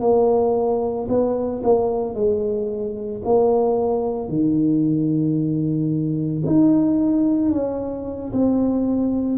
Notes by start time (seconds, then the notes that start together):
0.00 A#3
1.09 B3
1.63 A#3
2.14 G#3
3.24 A#3
4.29 D#3
6.45 D#4
7.51 C#4
8.32 C4